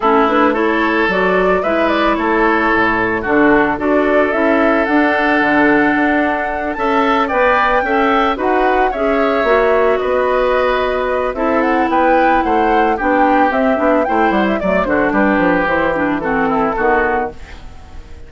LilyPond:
<<
  \new Staff \with { instrumentName = "flute" } { \time 4/4 \tempo 4 = 111 a'8 b'8 cis''4 d''4 e''8 d''8 | cis''2 a'4 d''4 | e''4 fis''2.~ | fis''8 a''4 g''2 fis''8~ |
fis''8 e''2 dis''4.~ | dis''4 e''8 fis''8 g''4 fis''4 | g''4 e''4 g''8 fis''16 e''16 d''8 c''8 | b'4 c''8 b'8 a'2 | }
  \new Staff \with { instrumentName = "oboe" } { \time 4/4 e'4 a'2 b'4 | a'2 fis'4 a'4~ | a'1~ | a'8 e''4 d''4 e''4 b'8~ |
b'8 cis''2 b'4.~ | b'4 a'4 b'4 c''4 | g'2 c''4 d''8 fis'8 | g'2 fis'8 e'8 fis'4 | }
  \new Staff \with { instrumentName = "clarinet" } { \time 4/4 cis'8 d'8 e'4 fis'4 e'4~ | e'2 d'4 fis'4 | e'4 d'2.~ | d'8 a'4 b'4 a'4 fis'8~ |
fis'8 gis'4 fis'2~ fis'8~ | fis'4 e'2. | d'4 c'8 d'8 e'4 a8 d'8~ | d'4 e'8 d'8 c'4 b4 | }
  \new Staff \with { instrumentName = "bassoon" } { \time 4/4 a2 fis4 gis4 | a4 a,4 d4 d'4 | cis'4 d'4 d4 d'4~ | d'8 cis'4 b4 cis'4 dis'8~ |
dis'8 cis'4 ais4 b4.~ | b4 c'4 b4 a4 | b4 c'8 b8 a8 g8 fis8 d8 | g8 f8 e2 dis4 | }
>>